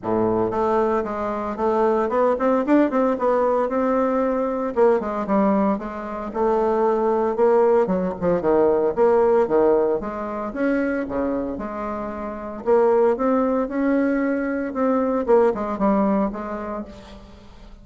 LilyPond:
\new Staff \with { instrumentName = "bassoon" } { \time 4/4 \tempo 4 = 114 a,4 a4 gis4 a4 | b8 c'8 d'8 c'8 b4 c'4~ | c'4 ais8 gis8 g4 gis4 | a2 ais4 fis8 f8 |
dis4 ais4 dis4 gis4 | cis'4 cis4 gis2 | ais4 c'4 cis'2 | c'4 ais8 gis8 g4 gis4 | }